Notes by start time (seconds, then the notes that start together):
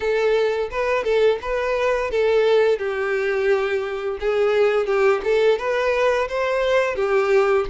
0.00 A4
0.70 B4
1.03 A4
1.41 B4
2.11 A4
2.78 G4
4.20 G#4
4.86 G4
5.24 A4
5.58 B4
6.28 C5
6.95 G4